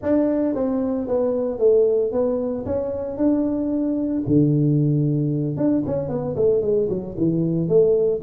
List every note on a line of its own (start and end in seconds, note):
0.02 0.55 D4
0.55 1.07 C4
1.07 1.59 B3
1.59 2.12 A3
2.12 2.65 B3
2.65 3.17 C#4
3.17 4.23 D4
4.26 5.56 D3
5.56 5.83 D4
5.86 6.08 C#4
6.08 6.35 B3
6.36 6.61 A3
6.61 6.88 G#3
6.89 7.15 F#3
7.17 7.68 E3
7.68 8.21 A3